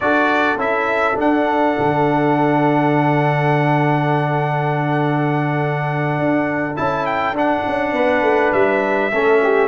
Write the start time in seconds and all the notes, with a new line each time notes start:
0.00 D4 F#4 A4 D5
0.57 C#4 E4 E5
1.14 D4 F#5
1.78 D3
6.18 D4
6.76 C#4 E4 A5
7.06 G5
7.32 D4 F#5
7.67 C#4
7.92 B3 B4
8.22 A3
8.52 G3 E5
9.12 A3 C#4 A4
9.43 G4